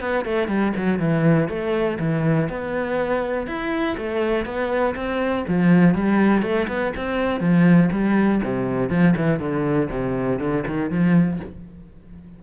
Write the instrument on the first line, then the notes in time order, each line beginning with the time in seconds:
cello
0.00 B3
0.25 A3
0.47 G3
0.76 F#3
0.99 E3
1.48 A3
1.99 E3
2.49 B3
3.47 E4
3.97 A3
4.45 B3
4.95 C4
5.47 F3
5.94 G3
6.42 A3
6.68 B3
6.96 C4
7.40 F3
7.91 G3
8.43 C3
8.90 F3
9.16 E3
9.39 D3
9.90 C3
10.39 D3
10.67 D#3
10.90 F3